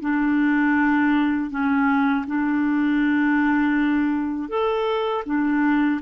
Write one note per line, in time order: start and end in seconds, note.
0.00 1.50 D4
1.50 2.25 C#4
2.26 4.49 D4
4.49 5.24 A4
5.25 6.00 D4